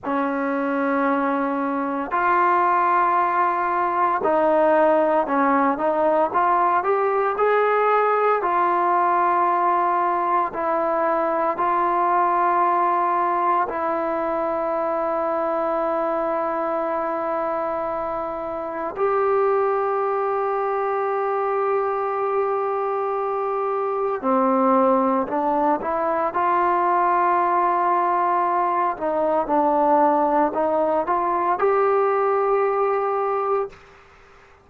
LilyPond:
\new Staff \with { instrumentName = "trombone" } { \time 4/4 \tempo 4 = 57 cis'2 f'2 | dis'4 cis'8 dis'8 f'8 g'8 gis'4 | f'2 e'4 f'4~ | f'4 e'2.~ |
e'2 g'2~ | g'2. c'4 | d'8 e'8 f'2~ f'8 dis'8 | d'4 dis'8 f'8 g'2 | }